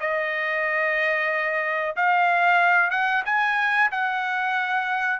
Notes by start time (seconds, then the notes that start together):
0.00 D#5
1.96 F5
2.90 F#5
3.25 G#5
3.91 F#5